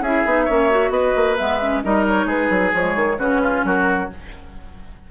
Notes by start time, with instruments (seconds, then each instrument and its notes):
0.00 bassoon C#4, clarinet E4, oboe G#4, flute E5
0.26 bassoon B3, clarinet D#4
0.45 bassoon A#3, clarinet C#4, oboe C#5
0.71 clarinet F#4
0.90 bassoon B3, oboe B4, flute D#5
1.16 bassoon A#3
1.37 bassoon G#3, clarinet B3, flute E5
1.61 clarinet C#4
1.84 bassoon G3, clarinet D#4, oboe A#4, flute D#5
2.08 flute C#5
2.26 bassoon G#3, oboe G#4, flute B4
2.50 bassoon F#3
2.74 bassoon F3, clarinet G#3, flute C#5
2.96 bassoon D#3
3.19 bassoon C#3, clarinet C#4, oboe F#4, flute B4
3.43 oboe F4
3.64 bassoon F#3, oboe F#4, flute A#4